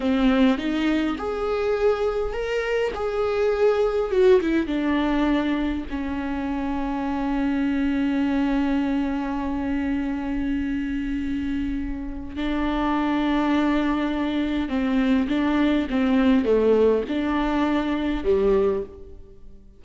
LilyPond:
\new Staff \with { instrumentName = "viola" } { \time 4/4 \tempo 4 = 102 c'4 dis'4 gis'2 | ais'4 gis'2 fis'8 e'8 | d'2 cis'2~ | cis'1~ |
cis'1~ | cis'4 d'2.~ | d'4 c'4 d'4 c'4 | a4 d'2 g4 | }